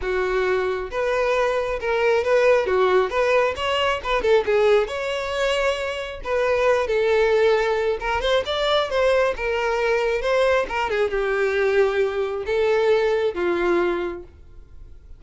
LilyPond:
\new Staff \with { instrumentName = "violin" } { \time 4/4 \tempo 4 = 135 fis'2 b'2 | ais'4 b'4 fis'4 b'4 | cis''4 b'8 a'8 gis'4 cis''4~ | cis''2 b'4. a'8~ |
a'2 ais'8 c''8 d''4 | c''4 ais'2 c''4 | ais'8 gis'8 g'2. | a'2 f'2 | }